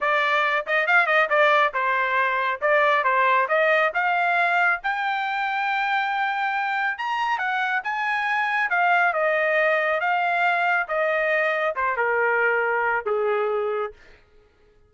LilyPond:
\new Staff \with { instrumentName = "trumpet" } { \time 4/4 \tempo 4 = 138 d''4. dis''8 f''8 dis''8 d''4 | c''2 d''4 c''4 | dis''4 f''2 g''4~ | g''1 |
ais''4 fis''4 gis''2 | f''4 dis''2 f''4~ | f''4 dis''2 c''8 ais'8~ | ais'2 gis'2 | }